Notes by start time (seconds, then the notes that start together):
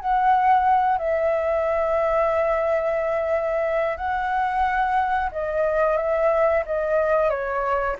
0.00 F#5
0.98 E5
3.97 F#5
5.32 D#5
5.97 E5
6.66 D#5
7.30 C#5